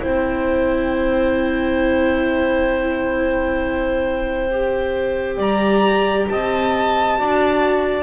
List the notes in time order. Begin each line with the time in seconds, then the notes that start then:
0.00 C4 E4 C5 G5
4.51 G4
5.37 G3 D5 A#5
6.29 C4 D#5 A5
7.18 D4 F#4 D5